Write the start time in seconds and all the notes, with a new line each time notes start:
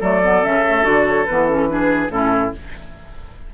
0.00 F#3 A3 A4 D5
0.23 B3
0.43 C#3 C#4 E5
0.68 A3
0.83 D3 F#4 D5
1.07 C#5
1.25 E3 B3 B4
1.48 C#4 A4
1.67 D4 G#4 B4
2.09 A2 C#4 E4 A4